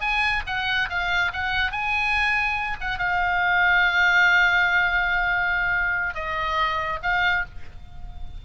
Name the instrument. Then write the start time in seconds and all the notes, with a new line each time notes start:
oboe
0.00 G#5
0.46 F#5
0.89 F5
1.33 F#5
1.71 G#5
2.80 F#5
2.98 F5
6.14 D#5
7.02 F5